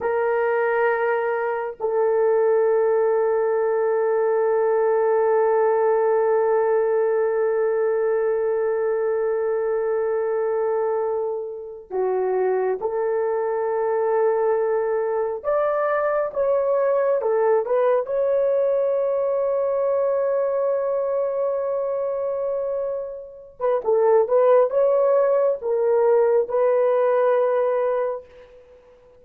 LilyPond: \new Staff \with { instrumentName = "horn" } { \time 4/4 \tempo 4 = 68 ais'2 a'2~ | a'1~ | a'1~ | a'4. fis'4 a'4.~ |
a'4. d''4 cis''4 a'8 | b'8 cis''2.~ cis''8~ | cis''2~ cis''8. b'16 a'8 b'8 | cis''4 ais'4 b'2 | }